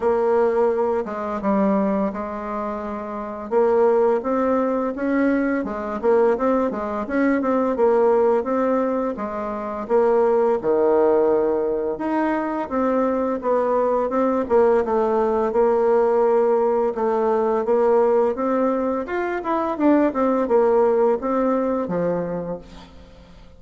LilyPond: \new Staff \with { instrumentName = "bassoon" } { \time 4/4 \tempo 4 = 85 ais4. gis8 g4 gis4~ | gis4 ais4 c'4 cis'4 | gis8 ais8 c'8 gis8 cis'8 c'8 ais4 | c'4 gis4 ais4 dis4~ |
dis4 dis'4 c'4 b4 | c'8 ais8 a4 ais2 | a4 ais4 c'4 f'8 e'8 | d'8 c'8 ais4 c'4 f4 | }